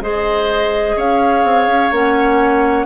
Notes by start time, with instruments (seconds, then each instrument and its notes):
0.00 bassoon G#3, clarinet G#4, oboe C5, flute D#5
0.96 bassoon C#4, oboe C#5, flute F5
1.44 bassoon C4
1.67 bassoon C#4
1.91 bassoon A#3, clarinet C#4, flute F#5